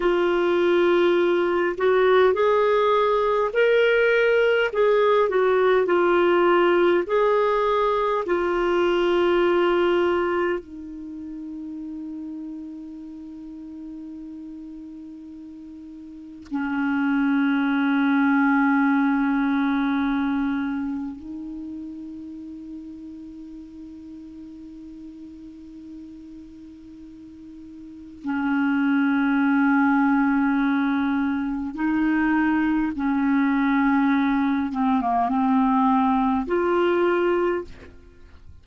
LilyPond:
\new Staff \with { instrumentName = "clarinet" } { \time 4/4 \tempo 4 = 51 f'4. fis'8 gis'4 ais'4 | gis'8 fis'8 f'4 gis'4 f'4~ | f'4 dis'2.~ | dis'2 cis'2~ |
cis'2 dis'2~ | dis'1 | cis'2. dis'4 | cis'4. c'16 ais16 c'4 f'4 | }